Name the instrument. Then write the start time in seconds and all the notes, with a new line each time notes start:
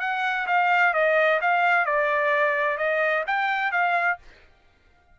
trumpet
0.00 F#5
0.47 F5
0.93 D#5
1.41 F5
1.85 D5
2.77 D#5
3.26 G5
3.72 F5